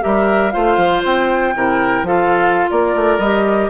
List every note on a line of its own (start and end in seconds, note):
0.00 0.55 G3
0.00 0.51 G4
0.00 0.53 A#4
0.00 0.51 E5
0.51 0.77 A3
0.51 1.53 F4
0.51 1.54 C5
0.51 1.01 F5
0.77 1.02 F3
1.05 1.55 C4
1.05 2.06 G5
1.55 2.02 C3
1.55 2.06 E4
1.55 2.06 A#4
2.02 2.66 F3
2.02 3.20 F4
2.02 2.70 A4
2.02 2.70 F5
2.70 2.94 A#3
2.70 3.70 A#4
2.70 3.19 D5
2.94 3.18 A3
3.18 3.69 G3
3.18 3.70 G4
3.18 3.70 D#5